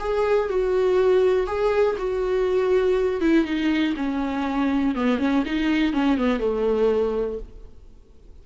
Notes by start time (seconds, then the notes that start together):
0.00 G#4
0.50 F#4
1.47 G#4
1.98 F#4
3.21 E4
3.45 D#4
3.97 C#4
4.96 B3
5.19 C#4
5.46 D#4
5.94 C#4
6.18 B3
6.40 A3